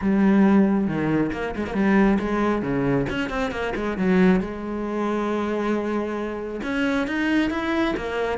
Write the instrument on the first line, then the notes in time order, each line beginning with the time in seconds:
cello
0.01 G3
0.87 D#3
1.32 A#3
1.56 G#3
1.66 A#3
1.74 G3
2.19 G#3
2.62 C#3
3.09 C#4
3.29 C4
3.51 A#3
3.75 G#3
3.97 F#3
4.40 G#3
6.63 C#4
7.07 D#4
7.50 E4
7.97 A#3